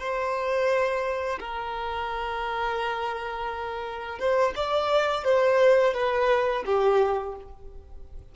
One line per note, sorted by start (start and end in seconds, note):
0.00 1.40 C5
1.40 4.20 A#4
4.20 4.54 C5
4.56 5.25 D5
5.25 5.94 C5
5.94 6.64 B4
6.66 7.36 G4